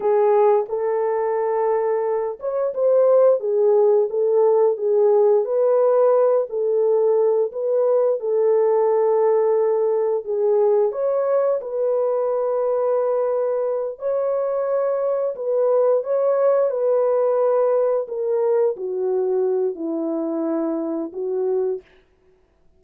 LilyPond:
\new Staff \with { instrumentName = "horn" } { \time 4/4 \tempo 4 = 88 gis'4 a'2~ a'8 cis''8 | c''4 gis'4 a'4 gis'4 | b'4. a'4. b'4 | a'2. gis'4 |
cis''4 b'2.~ | b'8 cis''2 b'4 cis''8~ | cis''8 b'2 ais'4 fis'8~ | fis'4 e'2 fis'4 | }